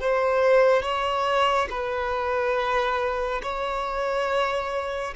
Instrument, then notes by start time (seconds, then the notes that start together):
violin
0.00 C5
0.83 C#5
1.70 B4
3.42 C#5